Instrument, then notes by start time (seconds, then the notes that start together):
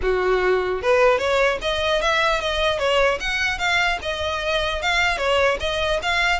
violin
0.01 F#4
0.82 B4
1.18 C#5
1.61 D#5
2.01 E5
2.41 D#5
2.79 C#5
3.20 F#5
3.58 F5
4.02 D#5
4.81 F5
5.17 C#5
5.59 D#5
6.02 F5